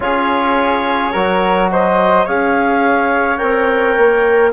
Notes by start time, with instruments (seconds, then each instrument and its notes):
0.00 bassoon C#4, trombone F4, flute G#4, clarinet C#5
1.12 bassoon F#3, trombone F#4, flute A#4
1.71 flute C5, clarinet D#5
2.24 bassoon C#4, trombone G#4, flute C#5, clarinet F5
3.37 bassoon C4, trombone A#4, clarinet G5
3.97 bassoon A#3